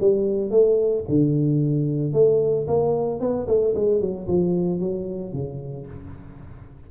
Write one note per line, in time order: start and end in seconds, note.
0.00 0.50 G3
0.50 1.04 A3
1.08 2.13 D3
2.13 2.66 A3
2.67 3.20 A#3
3.20 3.47 B3
3.47 3.74 A3
3.75 4.00 G#3
4.00 4.27 F#3
4.27 4.79 F3
4.79 5.33 F#3
5.33 5.86 C#3